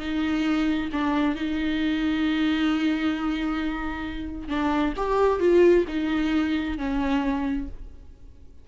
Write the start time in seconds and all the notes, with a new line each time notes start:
0.00 D#4
0.93 D4
1.36 D#4
4.49 D4
4.97 G4
5.41 F4
5.89 D#4
6.78 C#4